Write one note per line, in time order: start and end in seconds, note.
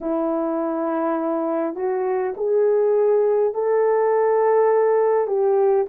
0.01 1.75 E4
1.75 2.34 F#4
2.36 3.53 G#4
3.53 5.27 A4
5.27 5.86 G4